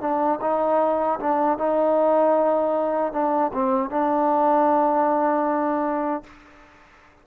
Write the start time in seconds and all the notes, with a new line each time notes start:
0.00 D4
0.41 D#4
1.19 D4
1.58 D#4
3.12 D4
3.53 C4
3.90 D4